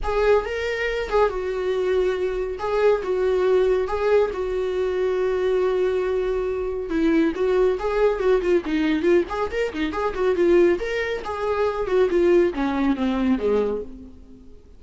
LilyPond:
\new Staff \with { instrumentName = "viola" } { \time 4/4 \tempo 4 = 139 gis'4 ais'4. gis'8 fis'4~ | fis'2 gis'4 fis'4~ | fis'4 gis'4 fis'2~ | fis'1 |
e'4 fis'4 gis'4 fis'8 f'8 | dis'4 f'8 gis'8 ais'8 dis'8 gis'8 fis'8 | f'4 ais'4 gis'4. fis'8 | f'4 cis'4 c'4 gis4 | }